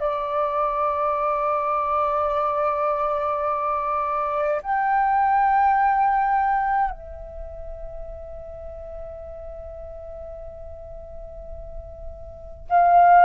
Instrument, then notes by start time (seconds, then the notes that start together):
flute
0.00 D5
4.62 G5
6.91 E5
12.69 F5